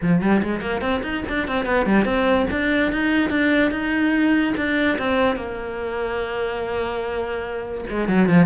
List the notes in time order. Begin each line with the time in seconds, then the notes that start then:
0.02 F3
0.21 G3
0.43 G#3
0.61 A#3
0.81 C4
1.02 D#4
1.28 D4
1.47 C4
1.65 B3
1.85 G3
2.05 C4
2.50 D4
2.92 D#4
3.30 D4
3.71 D#4
4.56 D4
4.98 C4
5.36 A#3
7.89 G#3
8.08 F#3
8.28 F3